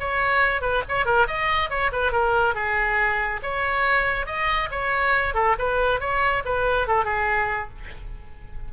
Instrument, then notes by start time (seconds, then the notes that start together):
oboe
0.00 C#5
0.62 B4
0.89 C#5
1.06 A#4
1.28 D#5
1.70 C#5
1.92 B4
2.12 A#4
2.55 G#4
3.43 C#5
4.26 D#5
4.71 C#5
5.35 A4
5.59 B4
6.00 C#5
6.45 B4
6.87 A4
7.05 G#4